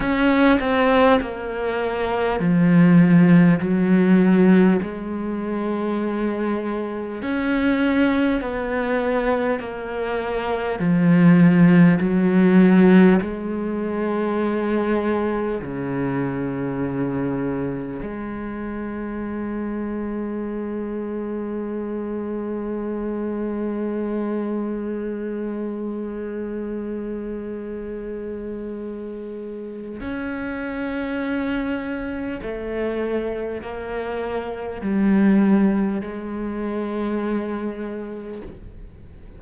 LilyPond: \new Staff \with { instrumentName = "cello" } { \time 4/4 \tempo 4 = 50 cis'8 c'8 ais4 f4 fis4 | gis2 cis'4 b4 | ais4 f4 fis4 gis4~ | gis4 cis2 gis4~ |
gis1~ | gis1~ | gis4 cis'2 a4 | ais4 g4 gis2 | }